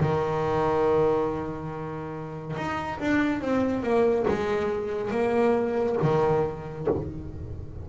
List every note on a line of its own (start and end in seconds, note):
0.00 2.56 D#3
2.56 2.99 D#4
3.00 3.41 D4
3.41 3.83 C4
3.83 4.26 A#3
4.28 5.11 G#3
5.11 5.96 A#3
6.02 6.88 D#3